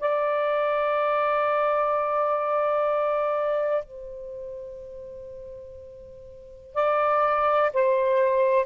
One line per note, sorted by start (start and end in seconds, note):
0.00 3.85 D5
3.85 6.74 C5
6.74 7.71 D5
7.74 8.66 C5